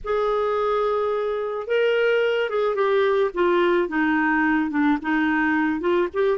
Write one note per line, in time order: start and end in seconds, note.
0.04 1.67 G#4
1.67 2.49 A#4
2.49 2.75 G#4
2.75 3.31 G4
3.34 3.88 F4
3.88 4.70 D#4
4.70 4.98 D4
5.02 5.80 D#4
5.80 6.08 F4
6.13 6.37 G4